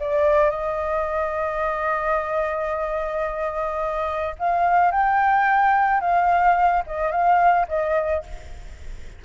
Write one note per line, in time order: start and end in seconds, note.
0.00 0.50 D5
0.50 4.36 D#5
4.39 4.91 F5
4.91 6.00 G5
6.00 6.83 F5
6.87 7.11 D#5
7.11 7.67 F5
7.68 8.23 D#5